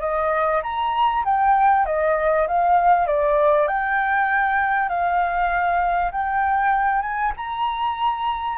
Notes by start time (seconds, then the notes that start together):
0.00 D#5
0.63 A#5
1.25 G5
1.86 D#5
2.47 F5
3.07 D5
3.68 G5
4.89 F5
6.11 G5
7.02 G#5
7.37 A#5